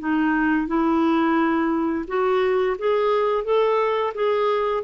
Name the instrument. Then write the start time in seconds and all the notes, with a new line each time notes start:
clarinet
0.00 D#4
0.68 E4
2.08 F#4
2.79 G#4
3.45 A4
4.15 G#4